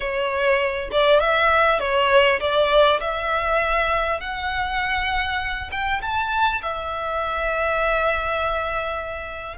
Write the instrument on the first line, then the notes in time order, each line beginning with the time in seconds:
violin
0.00 C#5
0.91 D5
1.20 E5
1.79 C#5
2.40 D5
3.00 E5
4.20 F#5
5.71 G5
6.01 A5
6.62 E5